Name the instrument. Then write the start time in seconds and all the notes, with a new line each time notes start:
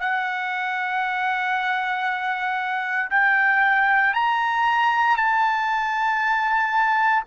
trumpet
0.00 F#5
3.11 G5
4.14 A#5
5.17 A5